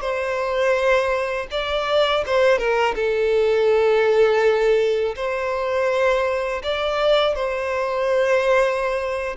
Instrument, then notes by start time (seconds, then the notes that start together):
violin
0.00 C5
1.51 D5
2.26 C5
2.58 A#4
2.95 A4
5.16 C5
6.63 D5
7.35 C5